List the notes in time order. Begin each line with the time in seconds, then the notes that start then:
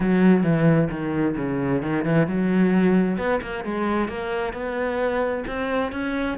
0.00 F#3
0.43 E3
0.90 D#3
1.36 C#3
1.82 D#3
2.04 E3
2.27 F#3
3.17 B3
3.41 A#3
3.64 G#3
4.08 A#3
4.53 B3
5.47 C4
5.92 C#4